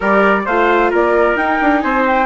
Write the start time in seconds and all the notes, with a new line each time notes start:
0.00 G3 G4 A#4 D5
0.45 A3 F4 C5 F5
0.91 A#3 A#4 D5
1.35 D#4 G5
1.61 D4
1.80 C4 C5 G#5
2.06 G5